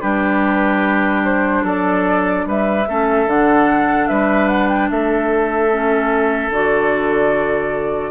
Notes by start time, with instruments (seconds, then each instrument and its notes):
0.00 bassoon G3, clarinet D4, oboe G4, flute B4
1.24 flute C5
1.63 bassoon F#3, oboe A4, flute D5
2.45 bassoon G3, oboe B4, flute E5
2.87 bassoon A3, clarinet C#4, oboe A4
3.26 bassoon D3, clarinet D4, flute F#5
4.07 bassoon G3, oboe B4, flute E5
4.47 flute F#5
4.68 flute G5
4.90 bassoon A3, oboe A4, flute E5
5.70 clarinet C#4
6.50 bassoon D3, clarinet F#4, flute D5